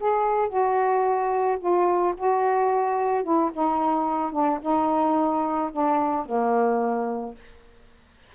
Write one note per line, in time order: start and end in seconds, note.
0.00 0.49 G#4
0.49 1.58 F#4
1.60 2.14 F4
2.17 3.24 F#4
3.24 3.51 E4
3.53 4.32 D#4
4.32 4.59 D4
4.62 5.71 D#4
5.72 6.26 D4
6.26 7.35 A#3